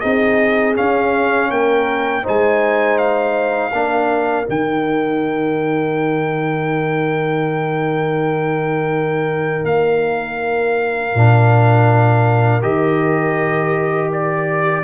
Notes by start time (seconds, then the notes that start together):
0.00 C4 D#4 G#4 D#5
0.75 C#4 F5
1.50 A#3 A#4 G5
2.23 G#3 D#4 C5 G#5
2.98 F5
3.73 A#3 D4 A#4
4.45 D#3 D#4 G5
9.64 A#3 F5
11.15 A#2 D4
12.61 D#3 G4 D#5
14.12 D5